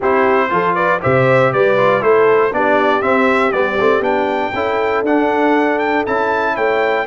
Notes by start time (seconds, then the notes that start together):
0.00 C4 E4 G4 C5
0.49 F3 F4 A4
0.74 B4 D5
1.01 C3 G4 C5 E5
1.52 G3 B4 D5
1.77 F4
2.00 A3 E4 A4 C5
2.52 B3 D4 G4 D5
3.01 C4 E5
3.52 G3 B3 D5
3.79 A3 C4
4.00 B3 D4 G5
4.53 C#4 E4 A4
5.02 D4 F#5
5.78 G5
6.06 C#4 E4 A5
6.54 A3 C#5 G5